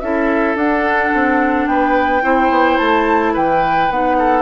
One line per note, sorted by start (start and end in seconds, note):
0.00 0.55 C#4
0.00 0.57 E4
0.00 1.70 A4
0.00 0.56 E5
0.55 1.11 D4
0.55 2.22 D4
0.55 1.67 F#5
1.14 1.67 C4
1.67 2.22 B3
1.67 2.23 B4
1.67 2.78 G5
2.22 2.49 C4
2.22 3.89 E4
2.22 3.33 C5
2.49 2.77 B3
2.78 3.36 A3
2.78 3.33 A5
3.33 3.90 E3
3.33 4.16 B4
3.33 3.91 G5
3.90 4.42 B3
3.90 4.42 D#4
3.90 4.42 F#5
4.19 4.42 A4